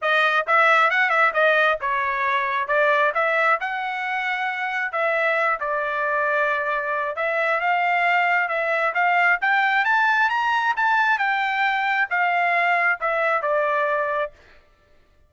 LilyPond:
\new Staff \with { instrumentName = "trumpet" } { \time 4/4 \tempo 4 = 134 dis''4 e''4 fis''8 e''8 dis''4 | cis''2 d''4 e''4 | fis''2. e''4~ | e''8 d''2.~ d''8 |
e''4 f''2 e''4 | f''4 g''4 a''4 ais''4 | a''4 g''2 f''4~ | f''4 e''4 d''2 | }